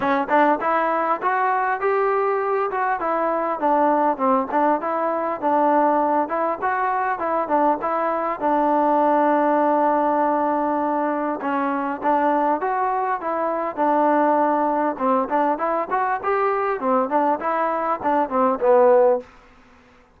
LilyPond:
\new Staff \with { instrumentName = "trombone" } { \time 4/4 \tempo 4 = 100 cis'8 d'8 e'4 fis'4 g'4~ | g'8 fis'8 e'4 d'4 c'8 d'8 | e'4 d'4. e'8 fis'4 | e'8 d'8 e'4 d'2~ |
d'2. cis'4 | d'4 fis'4 e'4 d'4~ | d'4 c'8 d'8 e'8 fis'8 g'4 | c'8 d'8 e'4 d'8 c'8 b4 | }